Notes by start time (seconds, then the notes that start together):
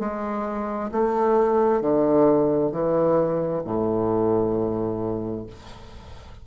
0.00 G#3
0.92 A3
1.82 D3
2.72 E3
3.65 A2